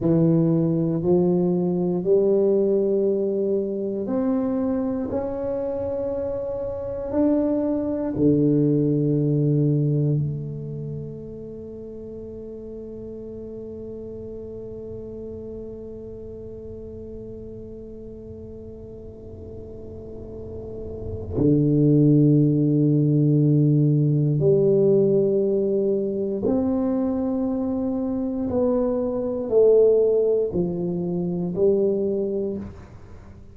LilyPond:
\new Staff \with { instrumentName = "tuba" } { \time 4/4 \tempo 4 = 59 e4 f4 g2 | c'4 cis'2 d'4 | d2 a2~ | a1~ |
a1~ | a4 d2. | g2 c'2 | b4 a4 f4 g4 | }